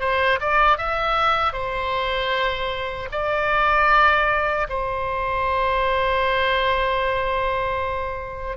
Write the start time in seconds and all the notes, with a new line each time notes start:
0.00 C5
0.40 D5
0.78 E5
1.53 C5
3.11 D5
4.69 C5